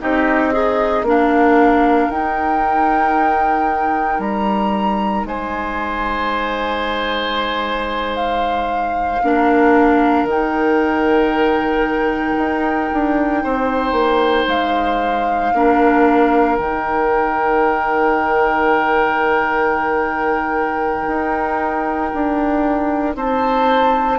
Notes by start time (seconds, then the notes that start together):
0.00 C4 D#4 G4 D#5
0.52 D#4 G#4
1.03 A#3 D4 A#4 F5
2.09 D#4 G5
4.19 G3 A#5
5.24 G#3 C5 G#5
8.16 F5
9.23 A#3 D4 A#4
10.23 D#3 D#4
10.30 G5
12.37 D#4
12.93 D4
13.43 C4 C5
13.92 A#3
14.47 G#3 F5
15.53 A#3 D4 A#4
16.57 D#3 D#4 G5
21.07 D#4
22.14 D4
23.15 C4 C5 A5